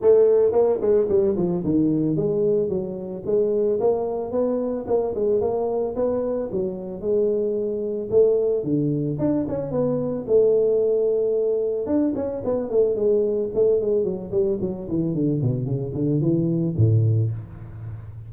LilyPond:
\new Staff \with { instrumentName = "tuba" } { \time 4/4 \tempo 4 = 111 a4 ais8 gis8 g8 f8 dis4 | gis4 fis4 gis4 ais4 | b4 ais8 gis8 ais4 b4 | fis4 gis2 a4 |
d4 d'8 cis'8 b4 a4~ | a2 d'8 cis'8 b8 a8 | gis4 a8 gis8 fis8 g8 fis8 e8 | d8 b,8 cis8 d8 e4 a,4 | }